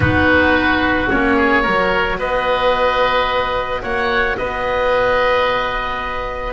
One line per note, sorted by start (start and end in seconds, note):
0.00 1.08 B3
0.00 1.08 D#4
0.00 1.36 F#4
0.00 1.09 B4
1.10 1.66 A#3
1.10 1.65 C#4
1.10 2.19 C#5
1.36 1.62 G#4
1.62 2.18 F#3
1.62 6.53 F#4
1.62 2.17 A#4
2.18 3.82 B3
2.18 3.82 B4
2.18 3.83 D#5
3.82 4.37 A#3
3.82 4.37 C#5
3.82 4.37 F#5
4.37 6.53 B3
4.37 6.53 B4
4.37 6.53 D#5